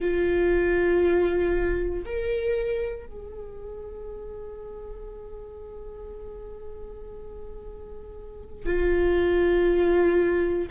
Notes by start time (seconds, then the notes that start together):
0.00 F4
2.05 A#4
3.06 G#4
8.65 F4